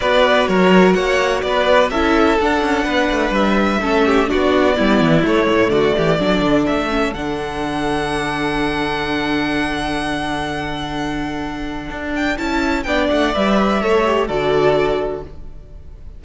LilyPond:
<<
  \new Staff \with { instrumentName = "violin" } { \time 4/4 \tempo 4 = 126 d''4 cis''4 fis''4 d''4 | e''4 fis''2 e''4~ | e''4 d''2 cis''4 | d''2 e''4 fis''4~ |
fis''1~ | fis''1~ | fis''4. g''8 a''4 g''8 fis''8 | e''2 d''2 | }
  \new Staff \with { instrumentName = "violin" } { \time 4/4 b'4 ais'4 cis''4 b'4 | a'2 b'2 | a'8 g'8 fis'4 e'2 | fis'8 g'8 a'2.~ |
a'1~ | a'1~ | a'2. d''4~ | d''4 cis''4 a'2 | }
  \new Staff \with { instrumentName = "viola" } { \time 4/4 fis'1 | e'4 d'2. | cis'4 d'4 b4 a4~ | a4 d'4. cis'8 d'4~ |
d'1~ | d'1~ | d'2 e'4 d'4 | b'4 a'8 g'8 fis'2 | }
  \new Staff \with { instrumentName = "cello" } { \time 4/4 b4 fis4 ais4 b4 | cis'4 d'8 cis'8 b8 a8 g4 | a4 b4 g8 e8 a8 a,8 | d8 e8 fis8 d8 a4 d4~ |
d1~ | d1~ | d4 d'4 cis'4 b8 a8 | g4 a4 d2 | }
>>